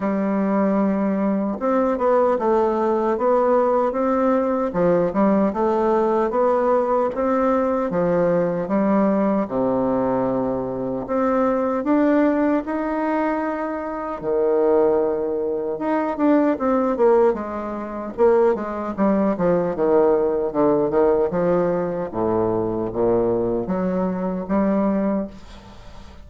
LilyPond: \new Staff \with { instrumentName = "bassoon" } { \time 4/4 \tempo 4 = 76 g2 c'8 b8 a4 | b4 c'4 f8 g8 a4 | b4 c'4 f4 g4 | c2 c'4 d'4 |
dis'2 dis2 | dis'8 d'8 c'8 ais8 gis4 ais8 gis8 | g8 f8 dis4 d8 dis8 f4 | a,4 ais,4 fis4 g4 | }